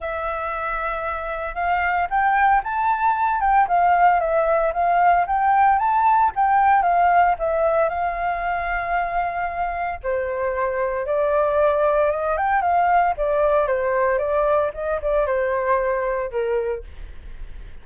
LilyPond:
\new Staff \with { instrumentName = "flute" } { \time 4/4 \tempo 4 = 114 e''2. f''4 | g''4 a''4. g''8 f''4 | e''4 f''4 g''4 a''4 | g''4 f''4 e''4 f''4~ |
f''2. c''4~ | c''4 d''2 dis''8 g''8 | f''4 d''4 c''4 d''4 | dis''8 d''8 c''2 ais'4 | }